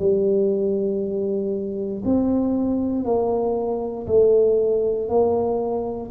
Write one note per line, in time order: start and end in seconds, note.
0.00 2.03 G3
2.05 3.05 C4
3.05 4.07 A#3
4.07 5.09 A3
5.09 6.11 A#3